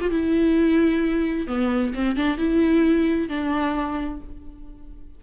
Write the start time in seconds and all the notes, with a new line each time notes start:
0.00 F4
0.10 E4
1.47 B3
1.94 C4
2.16 D4
2.37 E4
3.29 D4